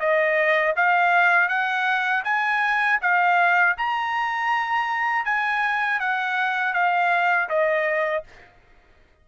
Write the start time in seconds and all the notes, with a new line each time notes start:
0.00 D#5
0.76 F5
1.49 F#5
2.25 G#5
3.02 F5
3.78 A#5
5.25 G#5
6.00 F#5
6.74 F5
7.49 D#5